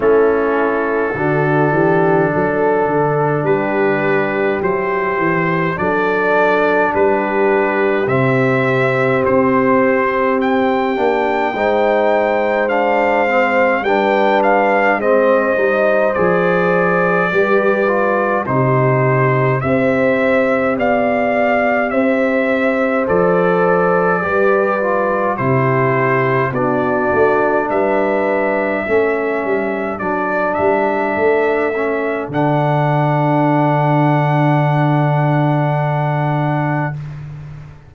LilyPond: <<
  \new Staff \with { instrumentName = "trumpet" } { \time 4/4 \tempo 4 = 52 a'2. b'4 | c''4 d''4 b'4 e''4 | c''4 g''2 f''4 | g''8 f''8 dis''4 d''2 |
c''4 e''4 f''4 e''4 | d''2 c''4 d''4 | e''2 d''8 e''4. | fis''1 | }
  \new Staff \with { instrumentName = "horn" } { \time 4/4 e'4 fis'8 g'8 a'4 g'4~ | g'4 a'4 g'2~ | g'2 c''2 | b'4 c''2 b'4 |
g'4 c''4 d''4 c''4~ | c''4 b'4 g'4 fis'4 | b'4 a'2.~ | a'1 | }
  \new Staff \with { instrumentName = "trombone" } { \time 4/4 cis'4 d'2. | e'4 d'2 c'4~ | c'4. d'8 dis'4 d'8 c'8 | d'4 c'8 dis'8 gis'4 g'8 f'8 |
dis'4 g'2. | a'4 g'8 f'8 e'4 d'4~ | d'4 cis'4 d'4. cis'8 | d'1 | }
  \new Staff \with { instrumentName = "tuba" } { \time 4/4 a4 d8 e8 fis8 d8 g4 | fis8 e8 fis4 g4 c4 | c'4. ais8 gis2 | g4 gis8 g8 f4 g4 |
c4 c'4 b4 c'4 | f4 g4 c4 b8 a8 | g4 a8 g8 fis8 g8 a4 | d1 | }
>>